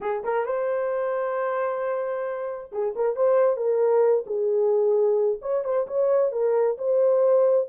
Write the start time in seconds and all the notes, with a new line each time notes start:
0.00 G#4
0.23 A#4
0.45 C5
2.71 G#4
2.95 A#4
3.16 C5
3.56 A#4
4.26 G#4
5.41 C#5
5.64 C5
5.87 C#5
6.32 A#4
6.78 C5